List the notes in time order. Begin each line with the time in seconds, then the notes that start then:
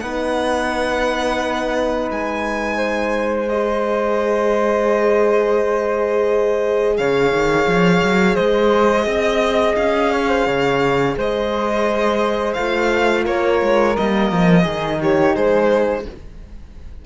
0.00 B3 D#4 B4 F#5
2.11 G#3 G#5
2.77 C5
3.49 G#4 D#5
6.98 C#3 C#5 F5
7.32 D#3
7.67 F3
8.03 F#3
8.35 G#3 C5 D#5
9.06 C4 D#5
9.76 C#4 F5
10.12 C#5
10.29 C5
10.46 C#3 C#5
11.17 G#3 C5 D#5
12.54 A3 F4 F5
13.24 A#3 A#4 C#5
13.62 G#3
13.96 G3 A#3 D#5
14.32 F3
14.61 D#3 D#4 G#4
15.01 G4 C#5
15.35 G#3 G#4 C5